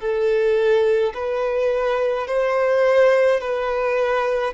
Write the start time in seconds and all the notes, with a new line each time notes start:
0.00 A4
1.14 B4
2.27 C5
3.40 B4